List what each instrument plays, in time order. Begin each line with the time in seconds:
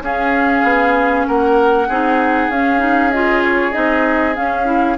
0.00 bassoon C#4, clarinet C#4, oboe G#4, flute F5
0.63 bassoon B3
1.27 bassoon A#3, oboe A#4, flute F#5
1.88 bassoon C4, clarinet D#4, oboe G#4
2.49 bassoon C#4, clarinet C#4, flute F5
2.79 clarinet D#4
3.11 clarinet F4, flute D#5
3.44 flute C#5
3.72 bassoon C4, clarinet D#4, flute D#5
4.35 clarinet C#4, bassoon C#4, flute F5
4.65 clarinet E4